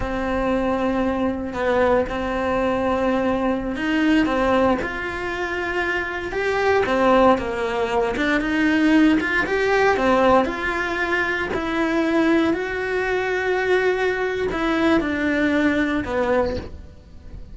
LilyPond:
\new Staff \with { instrumentName = "cello" } { \time 4/4 \tempo 4 = 116 c'2. b4 | c'2.~ c'16 dis'8.~ | dis'16 c'4 f'2~ f'8.~ | f'16 g'4 c'4 ais4. d'16~ |
d'16 dis'4. f'8 g'4 c'8.~ | c'16 f'2 e'4.~ e'16~ | e'16 fis'2.~ fis'8. | e'4 d'2 b4 | }